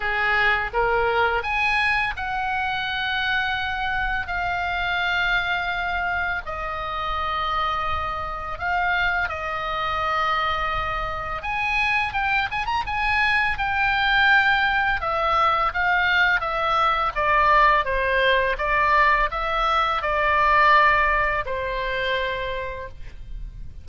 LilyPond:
\new Staff \with { instrumentName = "oboe" } { \time 4/4 \tempo 4 = 84 gis'4 ais'4 gis''4 fis''4~ | fis''2 f''2~ | f''4 dis''2. | f''4 dis''2. |
gis''4 g''8 gis''16 ais''16 gis''4 g''4~ | g''4 e''4 f''4 e''4 | d''4 c''4 d''4 e''4 | d''2 c''2 | }